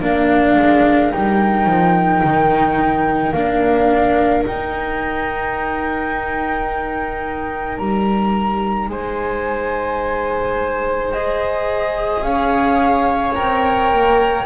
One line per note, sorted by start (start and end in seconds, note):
0.00 0.56 A#3
0.00 1.12 D4
0.00 8.89 A#4
0.00 1.12 F5
0.56 1.11 G#3
1.12 1.66 G3
1.12 3.34 D#4
1.12 3.32 G5
1.66 2.21 F3
2.23 3.33 D#3
3.32 4.44 A#3
3.32 4.45 D4
3.32 4.43 F5
4.45 11.12 D#4
4.45 7.78 D#4
4.45 7.77 G5
7.77 8.88 G3
7.77 8.88 A#5
8.88 12.21 G#3
8.88 12.24 C5
8.88 11.12 G#5
11.12 13.35 G#4
11.12 12.22 D#5
12.21 13.32 C#4
12.21 14.45 C#5
12.21 13.33 F5
13.34 13.91 C4
13.34 14.45 A#4
13.34 14.45 G5
13.91 14.45 A#3